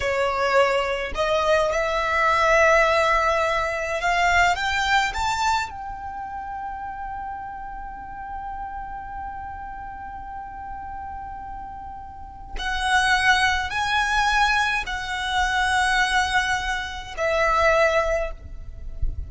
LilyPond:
\new Staff \with { instrumentName = "violin" } { \time 4/4 \tempo 4 = 105 cis''2 dis''4 e''4~ | e''2. f''4 | g''4 a''4 g''2~ | g''1~ |
g''1~ | g''2 fis''2 | gis''2 fis''2~ | fis''2 e''2 | }